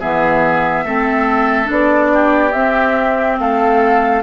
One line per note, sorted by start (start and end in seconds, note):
0.00 0.85 E3
0.00 0.86 B3
0.00 0.85 G#4
0.00 1.70 E5
0.85 1.69 A3
0.85 1.65 C4
0.85 2.12 A4
1.65 2.54 B3
1.65 2.50 D4
1.65 2.52 D5
2.14 3.40 G4
2.52 3.38 C4
2.52 4.23 C4
2.52 3.37 E5
3.39 4.23 A3
3.39 4.23 A4
3.39 4.23 F5